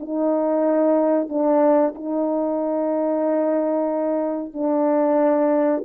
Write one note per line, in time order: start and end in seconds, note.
0.00 1.29 D#4
1.29 1.94 D4
1.95 4.54 D#4
4.54 5.84 D4